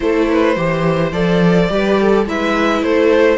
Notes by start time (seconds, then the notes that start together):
0.00 A3 E4 A4 C5
0.29 B4
0.55 E3 G4 C5
1.12 F3 A4 D5
1.69 G3 G4 B4
2.00 A4
2.26 G#3 E4 B4 E5
2.82 A3 A4 C5